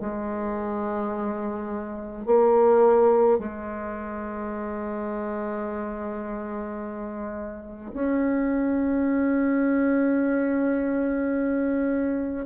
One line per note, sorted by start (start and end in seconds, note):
0.00 2.26 G#3
2.26 3.39 A#3
3.39 7.92 G#3
7.93 12.46 C#4